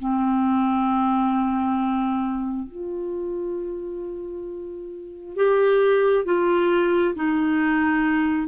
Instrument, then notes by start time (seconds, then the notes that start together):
clarinet
0.00 C4
2.68 F4
5.36 G4
6.25 F4
7.16 D#4